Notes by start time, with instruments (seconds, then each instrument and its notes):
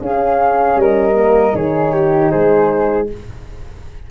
0.00 tuba C#4, horn C#4, flute G#4 F5
0.75 tuba G3, flute A#4 D#5
1.14 horn A#3
1.53 tuba D#3, horn D#4, flute G#4 C#5
1.94 flute G4
2.29 tuba G#3, flute G#4 C5